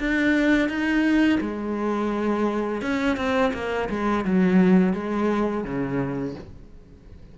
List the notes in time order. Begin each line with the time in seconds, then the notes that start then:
0.00 D4
0.69 D#4
1.41 G#3
2.82 C#4
3.17 C4
3.54 A#3
3.90 G#3
4.25 F#3
4.94 G#3
5.65 C#3